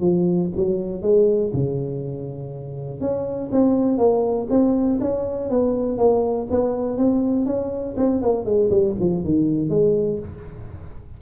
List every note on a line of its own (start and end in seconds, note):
0.00 0.50 F3
0.55 1.01 F#3
1.01 1.51 G#3
1.53 3.00 C#3
3.00 3.50 C#4
3.52 3.98 C4
3.98 4.47 A#3
4.49 4.99 C4
5.00 5.50 C#4
5.50 5.98 B3
5.98 6.47 A#3
6.50 6.97 B3
6.97 7.45 C4
7.45 7.95 C#4
7.97 8.21 C4
8.21 8.45 A#3
8.45 8.70 G#3
8.70 8.95 G3
9.00 9.24 F3
9.24 9.69 D#3
9.69 10.19 G#3